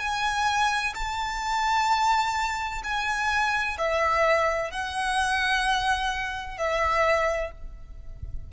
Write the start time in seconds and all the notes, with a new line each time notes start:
0.00 G#5
0.95 A5
2.84 G#5
3.78 E5
4.71 F#5
6.58 E5